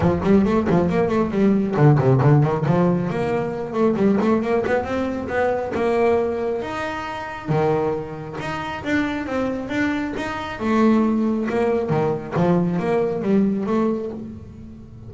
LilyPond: \new Staff \with { instrumentName = "double bass" } { \time 4/4 \tempo 4 = 136 f8 g8 a8 f8 ais8 a8 g4 | d8 c8 d8 dis8 f4 ais4~ | ais8 a8 g8 a8 ais8 b8 c'4 | b4 ais2 dis'4~ |
dis'4 dis2 dis'4 | d'4 c'4 d'4 dis'4 | a2 ais4 dis4 | f4 ais4 g4 a4 | }